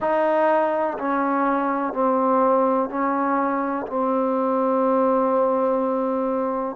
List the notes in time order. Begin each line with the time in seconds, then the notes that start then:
0.00 D#4
0.98 C#4
1.93 C4
2.89 C#4
3.87 C4